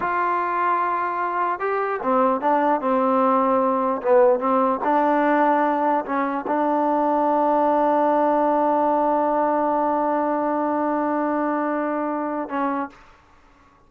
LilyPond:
\new Staff \with { instrumentName = "trombone" } { \time 4/4 \tempo 4 = 149 f'1 | g'4 c'4 d'4 c'4~ | c'2 b4 c'4 | d'2. cis'4 |
d'1~ | d'1~ | d'1~ | d'2. cis'4 | }